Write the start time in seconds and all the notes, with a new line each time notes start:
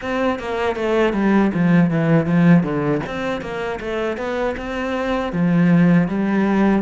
0.01 C4
0.39 A#3
0.76 A3
1.13 G3
1.54 F3
1.90 E3
2.26 F3
2.63 D3
3.06 C4
3.41 A#3
3.79 A3
4.17 B3
4.57 C4
5.32 F3
6.08 G3